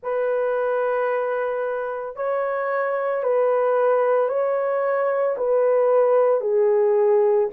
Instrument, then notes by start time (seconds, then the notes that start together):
horn
0.02 B4
2.16 C#5
3.23 B4
4.29 C#5
5.37 B4
6.40 G#4